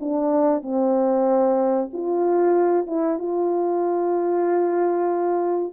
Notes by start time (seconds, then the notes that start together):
0.00 D4
0.62 C4
1.93 F4
2.86 E4
3.18 F4